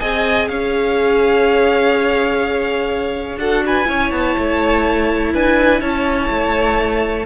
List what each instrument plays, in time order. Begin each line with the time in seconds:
0.00 cello C4, viola G#4, violin D#5 G#5
0.48 cello C#4, violin C#5 F5
3.37 cello D4, viola F#4, violin A4 F#5
3.66 violin B4 G#5
3.85 cello C#4, viola E4, violin C#5
4.11 cello B3, violin A5
4.38 cello A3
5.34 cello D4, violin B4 G#5
5.81 cello C#4, violin C#5 A5
6.31 cello A3